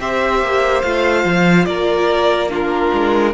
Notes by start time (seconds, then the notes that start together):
0.00 C4 G4 C5 E5
0.41 A#3
0.82 A3 F4 F5
1.24 F3
1.65 A#3 A#4 D5
2.49 D4 F4 A#4
2.93 G#3